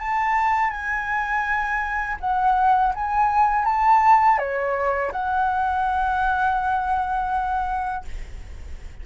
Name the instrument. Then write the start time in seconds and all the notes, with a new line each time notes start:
flute
0.00 A5
0.71 G#5
2.21 F#5
2.95 G#5
3.65 A5
4.39 C#5
5.12 F#5